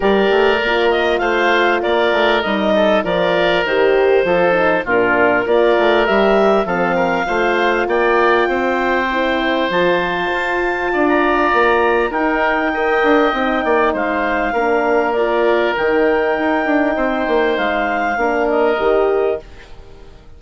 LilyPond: <<
  \new Staff \with { instrumentName = "clarinet" } { \time 4/4 \tempo 4 = 99 d''4. dis''8 f''4 d''4 | dis''4 d''4 c''2 | ais'4 d''4 e''4 f''4~ | f''4 g''2. |
a''2~ a''16 ais''4.~ ais''16 | g''2. f''4~ | f''4 d''4 g''2~ | g''4 f''4. dis''4. | }
  \new Staff \with { instrumentName = "oboe" } { \time 4/4 ais'2 c''4 ais'4~ | ais'8 a'8 ais'2 a'4 | f'4 ais'2 a'8 ais'8 | c''4 d''4 c''2~ |
c''2 d''2 | ais'4 dis''4. d''8 c''4 | ais'1 | c''2 ais'2 | }
  \new Staff \with { instrumentName = "horn" } { \time 4/4 g'4 f'2. | dis'4 f'4 g'4 f'8 dis'8 | d'4 f'4 g'4 c'4 | f'2. e'4 |
f'1 | dis'4 ais'4 dis'2 | d'4 f'4 dis'2~ | dis'2 d'4 g'4 | }
  \new Staff \with { instrumentName = "bassoon" } { \time 4/4 g8 a8 ais4 a4 ais8 a8 | g4 f4 dis4 f4 | ais,4 ais8 a8 g4 f4 | a4 ais4 c'2 |
f4 f'4 d'4 ais4 | dis'4. d'8 c'8 ais8 gis4 | ais2 dis4 dis'8 d'8 | c'8 ais8 gis4 ais4 dis4 | }
>>